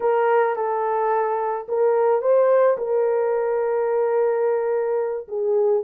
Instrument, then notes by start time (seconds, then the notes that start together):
horn
0.00 A#4
0.56 A4
1.68 A#4
2.21 C5
2.77 A#4
5.28 G#4